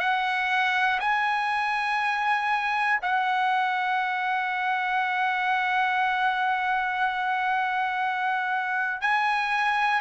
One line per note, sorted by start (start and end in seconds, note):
0.00 1.00 F#5
1.00 3.00 G#5
3.02 9.01 F#5
9.01 10.01 G#5